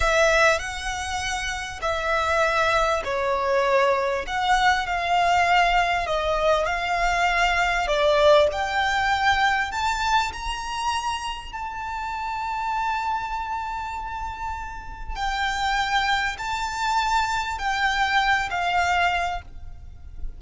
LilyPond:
\new Staff \with { instrumentName = "violin" } { \time 4/4 \tempo 4 = 99 e''4 fis''2 e''4~ | e''4 cis''2 fis''4 | f''2 dis''4 f''4~ | f''4 d''4 g''2 |
a''4 ais''2 a''4~ | a''1~ | a''4 g''2 a''4~ | a''4 g''4. f''4. | }